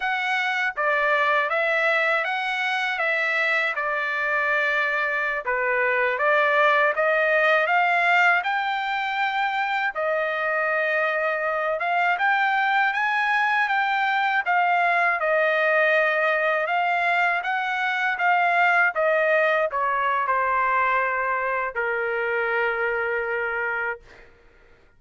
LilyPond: \new Staff \with { instrumentName = "trumpet" } { \time 4/4 \tempo 4 = 80 fis''4 d''4 e''4 fis''4 | e''4 d''2~ d''16 b'8.~ | b'16 d''4 dis''4 f''4 g''8.~ | g''4~ g''16 dis''2~ dis''8 f''16~ |
f''16 g''4 gis''4 g''4 f''8.~ | f''16 dis''2 f''4 fis''8.~ | fis''16 f''4 dis''4 cis''8. c''4~ | c''4 ais'2. | }